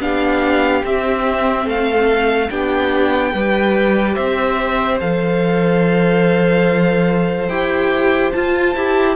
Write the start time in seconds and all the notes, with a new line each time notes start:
0.00 B3 D4 G4 F5
0.83 C4 E5
1.65 A3 A4 F5
2.50 B3 D4 G4 G5
3.32 G3 G4 B4
4.15 C4 C5 E5
5.01 F3 A4 F5
7.49 E4 G4 G5
8.32 F4 A5
8.76 E4 G4